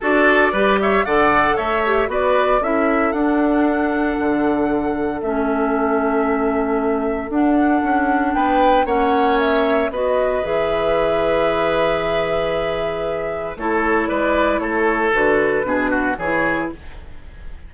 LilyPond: <<
  \new Staff \with { instrumentName = "flute" } { \time 4/4 \tempo 4 = 115 d''4. e''8 fis''4 e''4 | d''4 e''4 fis''2~ | fis''2 e''2~ | e''2 fis''2 |
g''4 fis''4 e''4 dis''4 | e''1~ | e''2 cis''4 d''4 | cis''4 b'2 cis''4 | }
  \new Staff \with { instrumentName = "oboe" } { \time 4/4 a'4 b'8 cis''8 d''4 cis''4 | b'4 a'2.~ | a'1~ | a'1 |
b'4 cis''2 b'4~ | b'1~ | b'2 a'4 b'4 | a'2 gis'8 fis'8 gis'4 | }
  \new Staff \with { instrumentName = "clarinet" } { \time 4/4 fis'4 g'4 a'4. g'8 | fis'4 e'4 d'2~ | d'2 cis'2~ | cis'2 d'2~ |
d'4 cis'2 fis'4 | gis'1~ | gis'2 e'2~ | e'4 fis'4 d'4 e'4 | }
  \new Staff \with { instrumentName = "bassoon" } { \time 4/4 d'4 g4 d4 a4 | b4 cis'4 d'2 | d2 a2~ | a2 d'4 cis'4 |
b4 ais2 b4 | e1~ | e2 a4 gis4 | a4 d4 b,4 e4 | }
>>